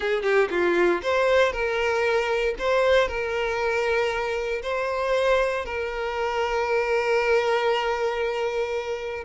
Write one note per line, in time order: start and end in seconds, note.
0.00 0.23 G#4
0.23 0.48 G4
0.50 1.01 F4
1.02 1.52 C5
1.52 2.54 A#4
2.58 3.08 C5
3.08 4.62 A#4
4.62 5.65 C5
5.65 9.24 A#4